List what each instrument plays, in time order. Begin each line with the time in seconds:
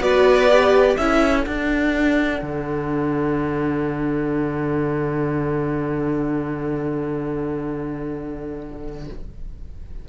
0.00 cello B3, viola F#4, violin B4 D5
0.50 viola G4
0.95 cello C#4, viola E4, violin A4 E5
1.43 viola D4, cello D4, violin F#5
2.42 cello D3